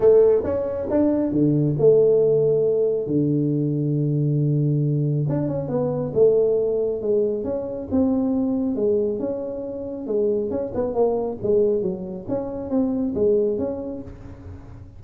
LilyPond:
\new Staff \with { instrumentName = "tuba" } { \time 4/4 \tempo 4 = 137 a4 cis'4 d'4 d4 | a2. d4~ | d1 | d'8 cis'8 b4 a2 |
gis4 cis'4 c'2 | gis4 cis'2 gis4 | cis'8 b8 ais4 gis4 fis4 | cis'4 c'4 gis4 cis'4 | }